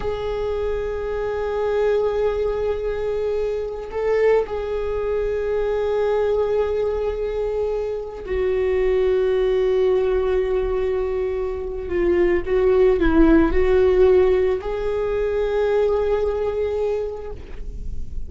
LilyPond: \new Staff \with { instrumentName = "viola" } { \time 4/4 \tempo 4 = 111 gis'1~ | gis'2.~ gis'16 a'8.~ | a'16 gis'2.~ gis'8.~ | gis'2.~ gis'16 fis'8.~ |
fis'1~ | fis'2 f'4 fis'4 | e'4 fis'2 gis'4~ | gis'1 | }